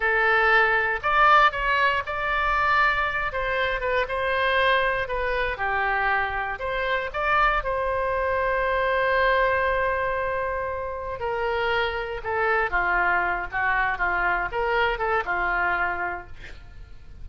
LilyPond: \new Staff \with { instrumentName = "oboe" } { \time 4/4 \tempo 4 = 118 a'2 d''4 cis''4 | d''2~ d''8 c''4 b'8 | c''2 b'4 g'4~ | g'4 c''4 d''4 c''4~ |
c''1~ | c''2 ais'2 | a'4 f'4. fis'4 f'8~ | f'8 ais'4 a'8 f'2 | }